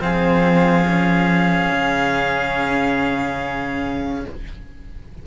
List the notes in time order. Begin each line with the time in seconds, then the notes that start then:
0.00 F3 C4 G#4 F5
0.87 C#4
1.72 C#3